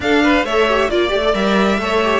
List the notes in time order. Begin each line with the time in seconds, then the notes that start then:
0.00 D4 A4 F5
0.23 B4
0.43 A3 A4 C#5 E5
0.68 G4
0.89 A#3 F4 D5
1.08 A3 G4
1.24 A4
1.33 G3 A#4 E5
1.78 A3 A4 C#5
2.03 G4